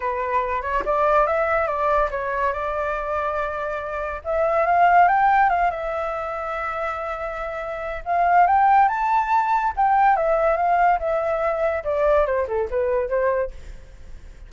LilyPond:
\new Staff \with { instrumentName = "flute" } { \time 4/4 \tempo 4 = 142 b'4. cis''8 d''4 e''4 | d''4 cis''4 d''2~ | d''2 e''4 f''4 | g''4 f''8 e''2~ e''8~ |
e''2. f''4 | g''4 a''2 g''4 | e''4 f''4 e''2 | d''4 c''8 a'8 b'4 c''4 | }